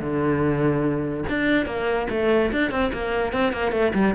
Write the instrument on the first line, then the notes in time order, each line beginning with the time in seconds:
cello
0.00 D3
1.29 D4
1.66 A#3
2.10 A3
2.52 D4
2.71 C4
2.93 A#3
3.33 C4
3.52 A#3
3.72 A3
3.94 G3